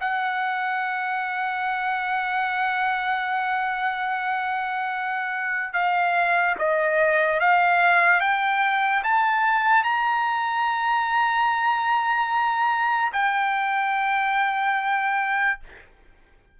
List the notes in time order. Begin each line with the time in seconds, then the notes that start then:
0.00 F#5
5.73 F5
6.58 D#5
7.40 F5
8.20 G5
9.03 A5
9.83 A#5
13.12 G5